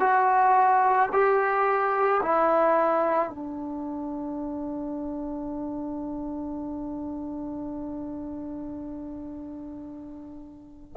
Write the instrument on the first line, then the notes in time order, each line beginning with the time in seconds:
trombone
0.00 F#4
1.12 G4
2.22 E4
3.30 D4